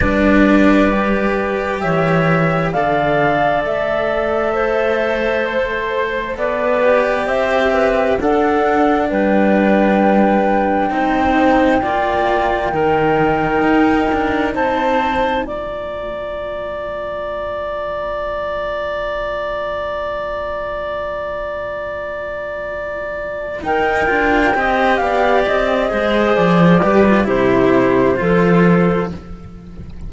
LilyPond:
<<
  \new Staff \with { instrumentName = "flute" } { \time 4/4 \tempo 4 = 66 d''2 e''4 f''4 | e''2 c''4 d''4 | e''4 fis''4 g''2~ | g''1 |
a''4 ais''2.~ | ais''1~ | ais''2 g''4. f''8 | dis''4 d''4 c''2 | }
  \new Staff \with { instrumentName = "clarinet" } { \time 4/4 b'2 cis''4 d''4~ | d''4 c''2 b'4 | c''8 b'8 a'4 b'2 | c''4 d''4 ais'2 |
c''4 d''2.~ | d''1~ | d''2 ais'4 dis''8 d''8~ | d''8 c''4 b'8 g'4 a'4 | }
  \new Staff \with { instrumentName = "cello" } { \time 4/4 d'4 g'2 a'4~ | a'2.~ a'8 g'8~ | g'4 d'2. | dis'4 f'4 dis'2~ |
dis'4 f'2.~ | f'1~ | f'2 dis'8 f'8 g'4~ | g'8 gis'4 g'16 f'16 e'4 f'4 | }
  \new Staff \with { instrumentName = "cello" } { \time 4/4 g2 e4 d4 | a2. b4 | c'4 d'4 g2 | c'4 ais4 dis4 dis'8 d'8 |
c'4 ais2.~ | ais1~ | ais2 dis'8 d'8 c'8 b8 | c'8 gis8 f8 g8 c4 f4 | }
>>